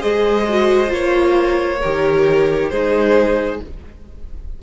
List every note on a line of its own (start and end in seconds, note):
0.00 0.91 G#3
0.00 0.45 G#4
0.00 1.80 C5
0.00 0.91 D#5
0.49 0.87 F#4
0.87 1.81 A#3
0.87 1.77 F4
0.87 2.70 C#5
1.81 2.71 D#3
1.81 2.73 G4
1.81 2.71 A#4
2.70 3.60 G#3
2.70 3.62 D#4
2.70 3.61 G#4
2.70 3.60 C5